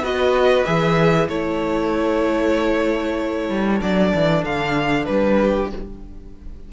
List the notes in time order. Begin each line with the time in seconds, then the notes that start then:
0.00 B3 F#4 B4 D#5
0.65 E3 G#4 E5
1.29 A3 E4 A4 C#5
3.50 G3
3.81 F#3 D4 D5
4.15 E3
4.44 D3 F5
5.06 G3 B4
5.39 G4